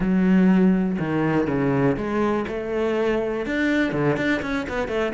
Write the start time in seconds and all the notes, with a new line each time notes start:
0.00 F#3
0.99 D#3
1.47 C#3
1.96 G#3
2.47 A3
3.46 D4
3.92 D3
4.16 D4
4.42 C#4
4.69 B3
4.88 A3